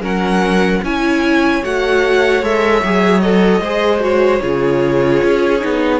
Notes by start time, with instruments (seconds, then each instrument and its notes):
0.00 cello F#3, viola C#4, violin A#4 F#5
0.82 cello C#4, viola E4, violin C#5 G#5
1.63 cello A3, viola F#4, violin F#5
2.42 cello G#3, viola A4, violin E5
2.83 cello F#3, viola G#4
3.20 viola A4, violin D#5
3.60 cello G#3, viola G#4, violin C5
3.99 viola F#4, violin C#5
4.41 cello C#3, viola F4, violin G#4
5.23 cello C#4
5.59 cello B3, viola D#4